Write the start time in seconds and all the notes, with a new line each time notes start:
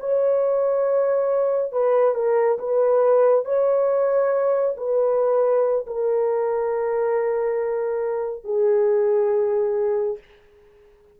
0.00 C#5
1.72 B4
2.15 A#4
2.59 B4
3.45 C#5
4.77 B4
5.87 A#4
8.44 G#4